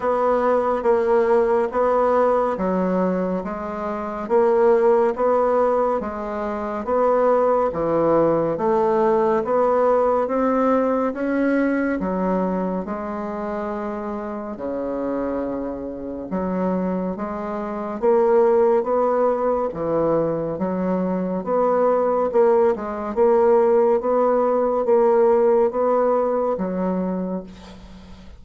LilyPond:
\new Staff \with { instrumentName = "bassoon" } { \time 4/4 \tempo 4 = 70 b4 ais4 b4 fis4 | gis4 ais4 b4 gis4 | b4 e4 a4 b4 | c'4 cis'4 fis4 gis4~ |
gis4 cis2 fis4 | gis4 ais4 b4 e4 | fis4 b4 ais8 gis8 ais4 | b4 ais4 b4 fis4 | }